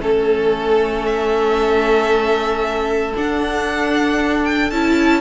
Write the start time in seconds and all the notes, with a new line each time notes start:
0.00 A3 C#4 A4
1.05 E5
3.15 D4 F#5
4.44 G5
4.70 C#4 E4 A5